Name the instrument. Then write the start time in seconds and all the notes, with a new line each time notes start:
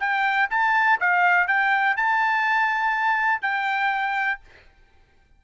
trumpet
0.00 G5
0.50 A5
1.00 F5
1.48 G5
1.96 A5
3.42 G5